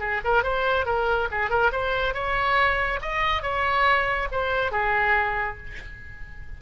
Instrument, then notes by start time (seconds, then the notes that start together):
oboe
0.00 G#4
0.25 A#4
0.44 C5
0.86 A#4
1.31 G#4
1.50 A#4
1.72 C5
2.14 C#5
3.02 D#5
3.43 C#5
4.32 C5
4.72 G#4